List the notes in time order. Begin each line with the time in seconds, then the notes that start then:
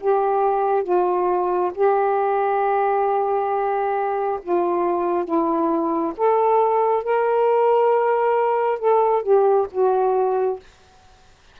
0.00 G4
0.83 F4
1.74 G4
4.42 F4
5.25 E4
6.17 A4
7.03 A#4
8.79 A4
9.22 G4
9.71 F#4